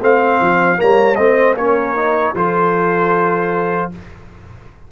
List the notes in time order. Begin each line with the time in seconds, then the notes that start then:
0.00 A3 C4 C5 F5
0.40 F3
0.76 G3 A#3 C#5 A#5
1.15 A3 C4 C5 D#5
1.54 A#3 C#4 A#4 C#5
1.95 D#4
2.34 F3 F4 A4 C5